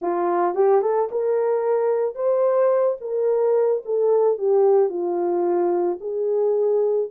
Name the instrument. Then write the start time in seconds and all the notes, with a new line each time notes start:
horn
0.01 F4
0.54 G4
0.81 A4
1.11 A#4
2.15 C5
3.00 A#4
3.85 A4
4.38 G4
4.89 F4
6.00 G#4